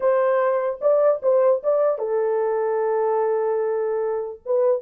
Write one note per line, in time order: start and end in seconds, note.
0.00 0.79 C5
0.81 1.21 D5
1.22 1.62 C5
1.63 1.98 D5
1.98 4.40 A4
4.45 4.82 B4